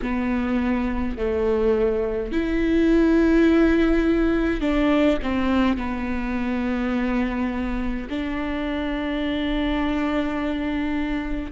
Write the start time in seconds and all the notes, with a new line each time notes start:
0.02 B3
1.17 A3
2.31 E4
4.60 D4
5.22 C4
5.77 B3
8.09 D4